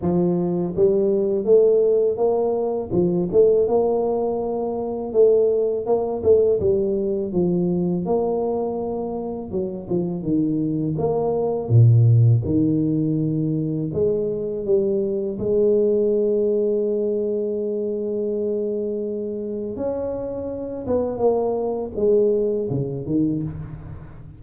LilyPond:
\new Staff \with { instrumentName = "tuba" } { \time 4/4 \tempo 4 = 82 f4 g4 a4 ais4 | f8 a8 ais2 a4 | ais8 a8 g4 f4 ais4~ | ais4 fis8 f8 dis4 ais4 |
ais,4 dis2 gis4 | g4 gis2.~ | gis2. cis'4~ | cis'8 b8 ais4 gis4 cis8 dis8 | }